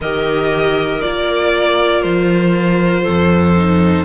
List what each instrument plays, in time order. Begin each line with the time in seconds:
0.00 cello D#3, viola G4, clarinet A#4, violin D#5
1.01 cello A#3, viola F4, violin D5
2.02 cello F3, violin C5
3.02 cello F2, clarinet A4
3.56 viola D#4